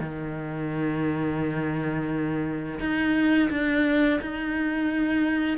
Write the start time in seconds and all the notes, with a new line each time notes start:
0.00 D#3
2.79 D#4
3.50 D4
4.21 D#4